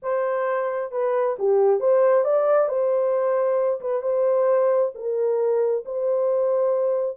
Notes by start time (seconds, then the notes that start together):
0.02 C5
0.91 B4
1.38 G4
1.80 C5
2.24 D5
2.68 C5
3.81 B4
4.02 C5
4.94 A#4
5.85 C5